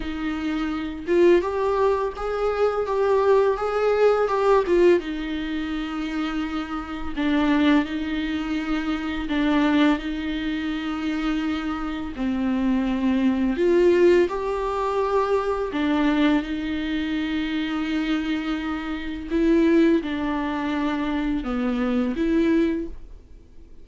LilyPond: \new Staff \with { instrumentName = "viola" } { \time 4/4 \tempo 4 = 84 dis'4. f'8 g'4 gis'4 | g'4 gis'4 g'8 f'8 dis'4~ | dis'2 d'4 dis'4~ | dis'4 d'4 dis'2~ |
dis'4 c'2 f'4 | g'2 d'4 dis'4~ | dis'2. e'4 | d'2 b4 e'4 | }